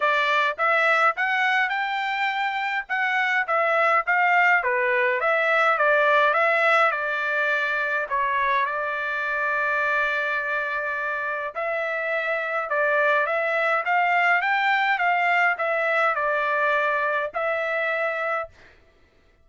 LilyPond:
\new Staff \with { instrumentName = "trumpet" } { \time 4/4 \tempo 4 = 104 d''4 e''4 fis''4 g''4~ | g''4 fis''4 e''4 f''4 | b'4 e''4 d''4 e''4 | d''2 cis''4 d''4~ |
d''1 | e''2 d''4 e''4 | f''4 g''4 f''4 e''4 | d''2 e''2 | }